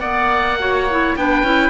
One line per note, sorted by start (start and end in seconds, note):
0.00 1.15 A#3
0.00 0.58 B3
0.00 0.58 D5
0.00 1.16 F#5
0.59 0.88 F#4
0.59 1.18 C#5
0.90 1.18 E4
1.16 1.43 B3
1.16 1.45 D4
1.16 1.71 B4
1.16 1.71 G5
1.43 1.71 C#4
1.43 1.71 E4